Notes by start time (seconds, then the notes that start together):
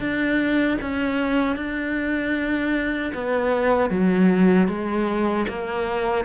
0.00 D4
0.81 C#4
1.56 D4
3.15 B3
3.90 F#3
4.68 G#3
5.49 A#3